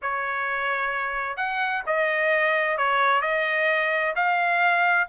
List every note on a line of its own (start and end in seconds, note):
0.02 1.36 C#5
1.36 1.83 F#5
1.86 2.77 D#5
2.77 3.21 C#5
3.21 4.13 D#5
4.15 5.08 F5